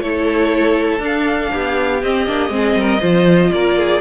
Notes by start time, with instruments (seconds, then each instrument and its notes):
0.00 cello A3, viola E4, violin A4 C#5
0.98 cello D4, viola D4, violin F5
1.52 cello B3, violin G4
2.03 cello C4, viola C4, violin D#5
2.26 cello A#3, viola D4
2.49 cello G#3, viola C4
2.56 violin G#4
2.74 cello G3, violin A#4
3.00 cello F3, viola F4, violin C5
3.52 cello A#3, violin A#4 D5
3.78 violin G#4